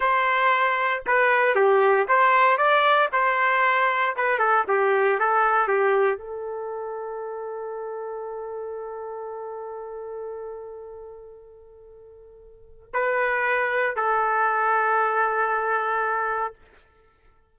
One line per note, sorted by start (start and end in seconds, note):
0.00 1.03 C5
1.06 1.55 B4
1.55 2.06 G4
2.08 2.57 C5
2.57 3.09 D5
3.12 4.15 C5
4.16 4.38 B4
4.38 4.64 A4
4.67 5.19 G4
5.19 5.67 A4
5.67 6.18 G4
6.18 12.90 A4
12.93 13.96 B4
13.96 16.54 A4